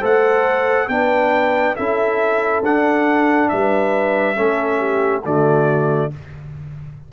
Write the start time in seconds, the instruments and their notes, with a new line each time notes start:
0.00 tuba A3, trombone A4, horn C5, trumpet F#5
0.89 tuba B3, trombone D4, horn B4, trumpet G5
1.76 tuba C#4, trombone E4, horn A4, trumpet E5
2.63 tuba D4, trombone D4, trumpet F#5
3.49 tuba G3, horn B4, trumpet E5
4.36 tuba A3, trombone C#4, horn A4
4.78 horn G4
5.25 tuba D3, trombone A3, horn F#4, trumpet D5